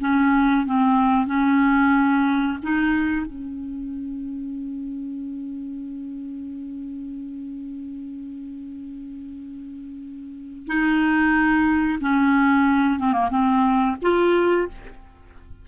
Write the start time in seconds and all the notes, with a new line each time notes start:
0.00 C#4
0.66 C4
1.26 C#4
2.63 D#4
3.26 C#4
10.67 D#4
12.01 C#4
12.99 C4
13.13 A#3
13.31 C4
14.02 F4